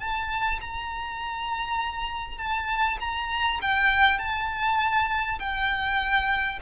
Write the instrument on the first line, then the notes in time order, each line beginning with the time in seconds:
violin
0.00 A5
0.61 A#5
2.39 A5
3.00 A#5
3.62 G5
4.19 A5
5.40 G5